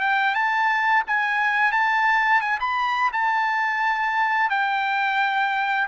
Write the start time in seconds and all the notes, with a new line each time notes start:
0.00 G5
0.34 A5
1.07 G#5
1.72 A5
2.41 G#5
2.60 B5
3.13 A5
4.50 G5